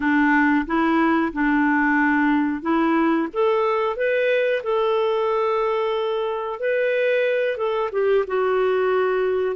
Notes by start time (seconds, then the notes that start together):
0.00 D4
0.66 E4
1.32 D4
2.62 E4
3.33 A4
3.96 B4
4.63 A4
6.59 B4
7.57 A4
7.92 G4
8.27 F#4